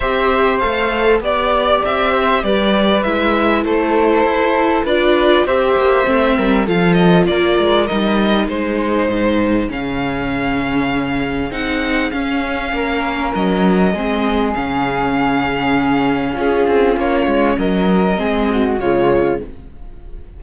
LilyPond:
<<
  \new Staff \with { instrumentName = "violin" } { \time 4/4 \tempo 4 = 99 e''4 f''4 d''4 e''4 | d''4 e''4 c''2 | d''4 e''2 f''8 dis''8 | d''4 dis''4 c''2 |
f''2. fis''4 | f''2 dis''2 | f''2. gis'4 | cis''4 dis''2 cis''4 | }
  \new Staff \with { instrumentName = "flute" } { \time 4/4 c''2 d''4. c''8 | b'2 a'2 | b'4 c''4. ais'8 a'4 | ais'2 gis'2~ |
gis'1~ | gis'4 ais'2 gis'4~ | gis'2. f'4~ | f'4 ais'4 gis'8 fis'8 f'4 | }
  \new Staff \with { instrumentName = "viola" } { \time 4/4 g'4 a'4 g'2~ | g'4 e'2. | f'4 g'4 c'4 f'4~ | f'4 dis'2. |
cis'2. dis'4 | cis'2. c'4 | cis'1~ | cis'2 c'4 gis4 | }
  \new Staff \with { instrumentName = "cello" } { \time 4/4 c'4 a4 b4 c'4 | g4 gis4 a4 e'4 | d'4 c'8 ais8 a8 g8 f4 | ais8 gis8 g4 gis4 gis,4 |
cis2. c'4 | cis'4 ais4 fis4 gis4 | cis2. cis'8 c'8 | ais8 gis8 fis4 gis4 cis4 | }
>>